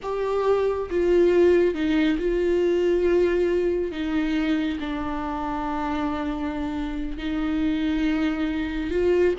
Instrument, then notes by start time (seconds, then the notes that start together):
viola
0.02 G4
0.90 F4
1.74 D#4
2.18 F4
3.91 D#4
4.79 D4
7.17 D#4
8.91 F4